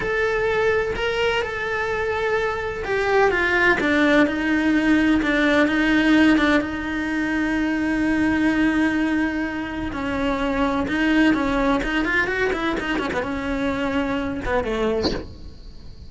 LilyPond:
\new Staff \with { instrumentName = "cello" } { \time 4/4 \tempo 4 = 127 a'2 ais'4 a'4~ | a'2 g'4 f'4 | d'4 dis'2 d'4 | dis'4. d'8 dis'2~ |
dis'1~ | dis'4 cis'2 dis'4 | cis'4 dis'8 f'8 fis'8 e'8 dis'8 cis'16 b16 | cis'2~ cis'8 b8 a4 | }